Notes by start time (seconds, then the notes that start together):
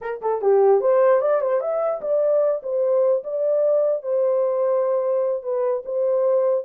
0.01 A#4
0.21 A4
0.41 G4
0.81 C5
1.21 D5
1.41 C5
1.60 E5
2.01 D5
2.62 C5
3.23 D5
4.02 C5
5.43 B4
5.85 C5